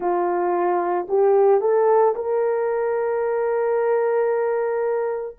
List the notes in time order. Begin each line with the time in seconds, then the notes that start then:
0.00 F4
1.08 G4
1.61 A4
2.15 A#4